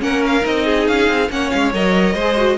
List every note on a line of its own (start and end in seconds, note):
0.00 0.45 A#3
0.00 0.42 C#4
0.00 0.66 A#4
0.00 0.24 F#5
0.27 0.46 F5
0.42 0.89 C4
0.42 1.28 D#4
0.42 0.88 D#5
0.66 1.30 G#4
0.88 1.09 C#4
0.88 1.31 F5
1.09 1.30 C4
1.30 1.52 A#3
1.30 1.73 C#4
1.30 2.14 C#5
1.30 1.51 F#5
1.51 1.74 G#3
1.51 1.72 F5
1.74 2.15 F#3
1.74 2.17 A#4
1.74 2.59 D#5
2.14 2.58 G#3
2.14 2.57 C5
2.21 2.37 G#4
2.37 2.58 F#4